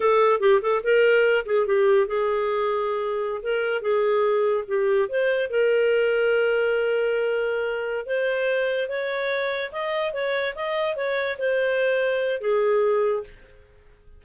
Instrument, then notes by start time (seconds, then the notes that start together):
clarinet
0.00 A4
0.39 G4
0.61 A4
0.83 A#4
1.45 G#4
1.66 G4
2.07 G#4
3.42 A#4
3.81 G#4
4.67 G4
5.08 C5
5.50 A#4
8.06 C5
8.88 C#5
9.72 D#5
10.13 C#5
10.55 D#5
10.96 C#5
11.38 C5
12.40 G#4